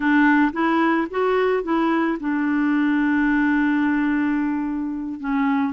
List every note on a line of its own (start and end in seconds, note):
0.00 0.51 D4
0.53 1.07 E4
1.10 1.63 F#4
1.63 2.17 E4
2.20 5.20 D4
5.20 5.73 C#4